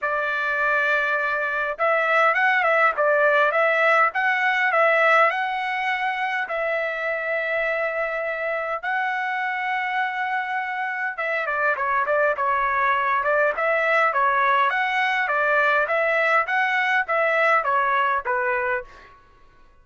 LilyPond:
\new Staff \with { instrumentName = "trumpet" } { \time 4/4 \tempo 4 = 102 d''2. e''4 | fis''8 e''8 d''4 e''4 fis''4 | e''4 fis''2 e''4~ | e''2. fis''4~ |
fis''2. e''8 d''8 | cis''8 d''8 cis''4. d''8 e''4 | cis''4 fis''4 d''4 e''4 | fis''4 e''4 cis''4 b'4 | }